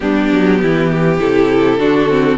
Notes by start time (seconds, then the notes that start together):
0.00 G3 B3 D4 G4
0.31 F#3
0.61 E3 E4
0.90 G4
1.20 C3 E4 A4
1.77 D3 D4 F#4
2.09 C4